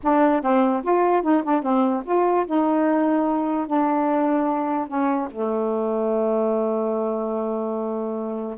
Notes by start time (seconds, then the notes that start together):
0.03 D4
0.42 C4
0.83 F4
1.22 D#4
1.43 D4
1.62 C4
2.05 F4
2.46 D#4
3.66 D4
4.87 C#4
5.30 A3